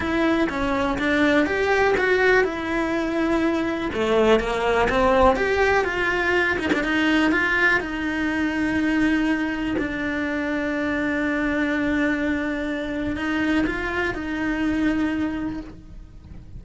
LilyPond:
\new Staff \with { instrumentName = "cello" } { \time 4/4 \tempo 4 = 123 e'4 cis'4 d'4 g'4 | fis'4 e'2. | a4 ais4 c'4 g'4 | f'4. dis'16 d'16 dis'4 f'4 |
dis'1 | d'1~ | d'2. dis'4 | f'4 dis'2. | }